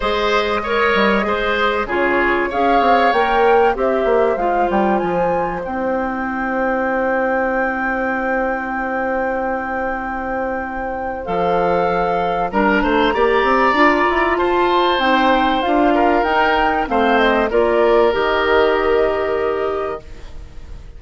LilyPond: <<
  \new Staff \with { instrumentName = "flute" } { \time 4/4 \tempo 4 = 96 dis''2. cis''4 | f''4 g''4 e''4 f''8 g''8 | gis''4 g''2.~ | g''1~ |
g''2 f''2 | ais''2. a''4 | g''4 f''4 g''4 f''8 dis''8 | d''4 dis''2. | }
  \new Staff \with { instrumentName = "oboe" } { \time 4/4 c''4 cis''4 c''4 gis'4 | cis''2 c''2~ | c''1~ | c''1~ |
c''1 | ais'8 c''8 d''2 c''4~ | c''4. ais'4. c''4 | ais'1 | }
  \new Staff \with { instrumentName = "clarinet" } { \time 4/4 gis'4 ais'4 gis'4 f'4 | gis'4 ais'4 g'4 f'4~ | f'4 e'2.~ | e'1~ |
e'2 a'2 | d'4 g'4 f'2 | dis'4 f'4 dis'4 c'4 | f'4 g'2. | }
  \new Staff \with { instrumentName = "bassoon" } { \time 4/4 gis4. g8 gis4 cis4 | cis'8 c'8 ais4 c'8 ais8 gis8 g8 | f4 c'2.~ | c'1~ |
c'2 f2 | g8 a8 ais8 c'8 d'8 e'8 f'4 | c'4 d'4 dis'4 a4 | ais4 dis2. | }
>>